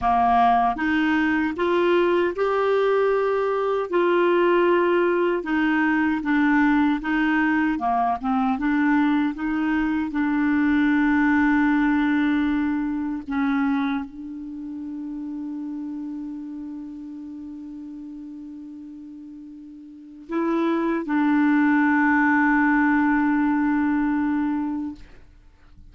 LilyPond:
\new Staff \with { instrumentName = "clarinet" } { \time 4/4 \tempo 4 = 77 ais4 dis'4 f'4 g'4~ | g'4 f'2 dis'4 | d'4 dis'4 ais8 c'8 d'4 | dis'4 d'2.~ |
d'4 cis'4 d'2~ | d'1~ | d'2 e'4 d'4~ | d'1 | }